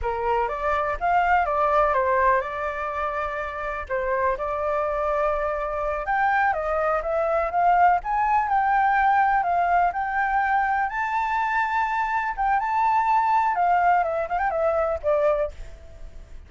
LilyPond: \new Staff \with { instrumentName = "flute" } { \time 4/4 \tempo 4 = 124 ais'4 d''4 f''4 d''4 | c''4 d''2. | c''4 d''2.~ | d''8 g''4 dis''4 e''4 f''8~ |
f''8 gis''4 g''2 f''8~ | f''8 g''2 a''4.~ | a''4. g''8 a''2 | f''4 e''8 f''16 g''16 e''4 d''4 | }